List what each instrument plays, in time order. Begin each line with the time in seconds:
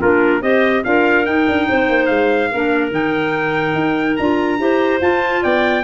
0.00 tuba A#3, clarinet D4 F4, trumpet A#4
0.41 tuba C4, clarinet G4 C5, trumpet D#5
0.85 tuba D4, clarinet F4 A#4, trumpet F5
1.26 clarinet D#4, tuba D#4, trumpet G5
1.48 tuba D4
1.69 tuba C4, clarinet C5
1.89 tuba A#3
2.06 tuba G#3, trumpet F5
2.52 tuba A#3, clarinet D4 A#4
2.92 tuba D#3, clarinet D#4, trumpet G5
3.75 tuba D#4
4.17 tuba D4, clarinet F4, trumpet A#5
4.59 tuba E4, clarinet G4 C5
5.01 clarinet F4, tuba F4, trumpet A5
5.43 tuba B3, clarinet D5, trumpet G5